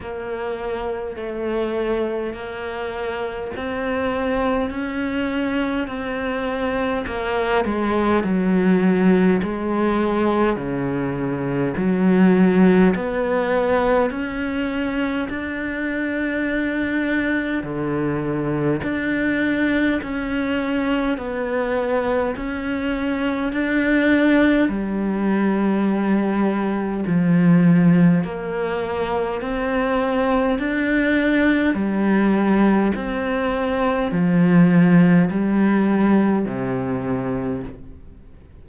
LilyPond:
\new Staff \with { instrumentName = "cello" } { \time 4/4 \tempo 4 = 51 ais4 a4 ais4 c'4 | cis'4 c'4 ais8 gis8 fis4 | gis4 cis4 fis4 b4 | cis'4 d'2 d4 |
d'4 cis'4 b4 cis'4 | d'4 g2 f4 | ais4 c'4 d'4 g4 | c'4 f4 g4 c4 | }